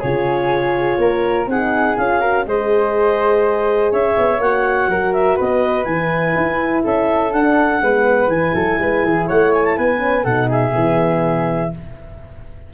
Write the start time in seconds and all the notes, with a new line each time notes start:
0.00 C#3 F4 G#4 C#5
0.98 A#3 A#4
1.47 C4 D#4 G#4 F#5
1.97 C#4 F4 F5
2.20 F#4 A#4
2.46 G#3 G#4 C5 D#5
3.92 C#4 C#5 E5
4.18 B3
4.39 A#3 F#4 F#5
4.89 F#3 A#4
5.14 E5
5.36 B3 B4 D#5
5.85 E3 E4 G#5
6.36 E4
6.84 C#4 A4 E5
7.32 D4 F#5
7.82 G#3 B3 B4
8.28 E3 E4 G#5
8.54 F#3 A4
8.79 G#3 B4
9.04 E3 G#4
9.28 A3 C#5 F#5
9.54 G#5
9.65 A5
9.77 B3 B4 G#5
9.98 C#4
10.24 B2 D#4 A4 F#5
10.49 G#4 E5
10.72 E3 B3